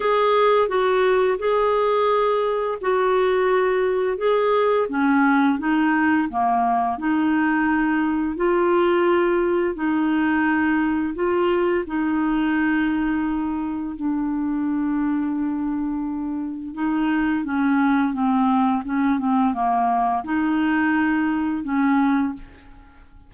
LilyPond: \new Staff \with { instrumentName = "clarinet" } { \time 4/4 \tempo 4 = 86 gis'4 fis'4 gis'2 | fis'2 gis'4 cis'4 | dis'4 ais4 dis'2 | f'2 dis'2 |
f'4 dis'2. | d'1 | dis'4 cis'4 c'4 cis'8 c'8 | ais4 dis'2 cis'4 | }